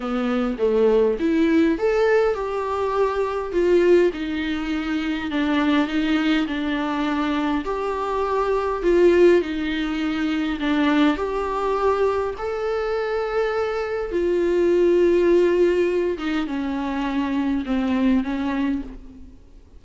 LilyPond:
\new Staff \with { instrumentName = "viola" } { \time 4/4 \tempo 4 = 102 b4 a4 e'4 a'4 | g'2 f'4 dis'4~ | dis'4 d'4 dis'4 d'4~ | d'4 g'2 f'4 |
dis'2 d'4 g'4~ | g'4 a'2. | f'2.~ f'8 dis'8 | cis'2 c'4 cis'4 | }